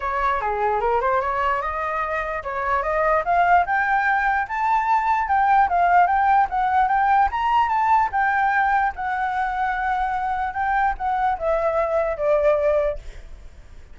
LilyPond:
\new Staff \with { instrumentName = "flute" } { \time 4/4 \tempo 4 = 148 cis''4 gis'4 ais'8 c''8 cis''4 | dis''2 cis''4 dis''4 | f''4 g''2 a''4~ | a''4 g''4 f''4 g''4 |
fis''4 g''4 ais''4 a''4 | g''2 fis''2~ | fis''2 g''4 fis''4 | e''2 d''2 | }